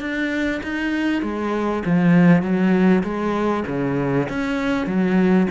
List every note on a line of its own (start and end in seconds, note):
0.00 0.61 D4
0.63 1.22 D#4
1.22 1.83 G#3
1.85 2.42 F3
2.42 3.03 F#3
3.03 3.64 G#3
3.67 4.28 C#3
4.29 4.86 C#4
4.86 5.47 F#3